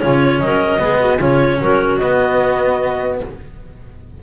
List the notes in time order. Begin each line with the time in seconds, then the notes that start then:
0.00 C#3 C#4 F4 C#5
0.40 F#3 A#4 D#5
0.79 G#3 B3 G#4
1.00 F#4
1.18 C#3 C#4 F4 C#5
1.61 F#3 F#4 A#4
1.99 B3 D#5